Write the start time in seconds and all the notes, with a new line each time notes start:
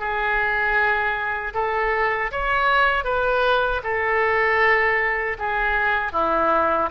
0.00 G#4
1.54 A4
2.32 C#5
3.05 B4
3.84 A4
5.39 G#4
6.13 E4